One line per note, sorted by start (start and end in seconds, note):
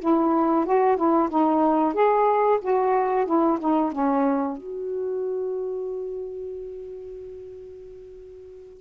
0.00 0.65 E4
0.65 0.96 F#4
0.96 1.29 E4
1.29 1.94 D#4
1.94 2.59 G#4
2.61 3.26 F#4
3.26 3.58 E4
3.59 3.92 D#4
3.92 4.57 C#4
4.57 8.81 F#4